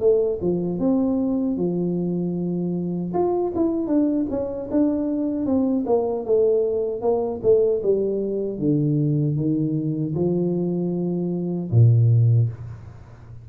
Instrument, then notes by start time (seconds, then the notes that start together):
tuba
0.00 A3
0.41 F3
0.79 C4
1.57 F3
3.13 F4
3.55 E4
3.87 D4
4.30 C#4
4.71 D4
5.46 C4
5.86 A#3
6.25 A3
7.01 A#3
7.42 A3
7.82 G3
8.59 D3
9.36 D#3
10.15 F3
11.71 A#2